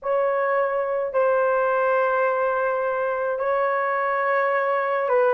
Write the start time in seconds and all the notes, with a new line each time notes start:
0.02 C#5
1.13 C5
3.39 C#5
5.08 B4